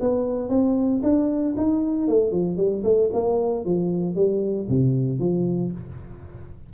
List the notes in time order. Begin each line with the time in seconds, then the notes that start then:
0.00 B3
0.49 C4
1.03 D4
1.57 D#4
2.08 A3
2.31 F3
2.57 G3
2.84 A3
3.13 A#3
3.65 F3
4.15 G3
4.69 C3
5.19 F3